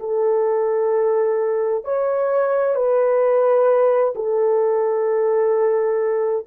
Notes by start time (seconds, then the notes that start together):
0.00 A4
1.85 C#5
2.76 B4
4.16 A4